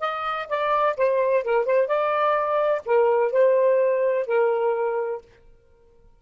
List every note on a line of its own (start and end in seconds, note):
0.00 0.47 D#5
0.48 0.96 D5
0.97 1.44 C5
1.44 1.65 A#4
1.65 1.87 C5
1.87 2.82 D5
2.86 3.32 A#4
3.32 4.26 C5
4.26 5.21 A#4